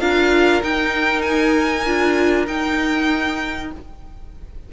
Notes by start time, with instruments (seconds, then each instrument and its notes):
0.00 cello D4, viola F4, violin A#4 F5
0.62 viola D#4, cello D#4, violin G5
1.22 violin G#5
1.86 cello D4, viola F4
2.47 viola D#4, cello D#4, violin G5